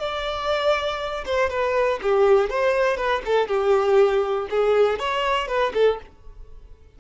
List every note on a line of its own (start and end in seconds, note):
0.00 1.25 D5
1.26 1.50 C5
1.50 2.00 B4
2.03 2.50 G4
2.50 2.97 C5
2.97 3.22 B4
3.26 3.48 A4
3.48 4.48 G4
4.51 4.99 G#4
4.99 5.48 C#5
5.48 5.73 B4
5.74 5.99 A4